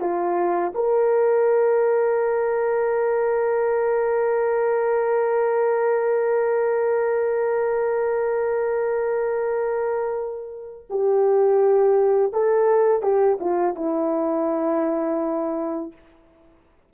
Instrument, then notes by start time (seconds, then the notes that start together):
horn
0.00 F4
0.74 A#4
10.90 G4
12.32 A4
13.02 G4
13.40 F4
13.75 E4